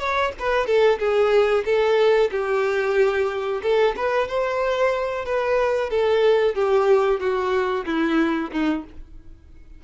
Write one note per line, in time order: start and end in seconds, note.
0.00 0.33 C#5
0.39 0.67 B4
0.67 0.99 A4
1.00 1.65 G#4
1.65 2.31 A4
2.32 3.62 G4
3.63 3.95 A4
3.97 4.28 B4
4.28 5.26 C5
5.26 5.90 B4
5.90 6.55 A4
6.55 7.21 G4
7.21 7.86 F#4
7.86 8.51 E4
8.52 8.85 D#4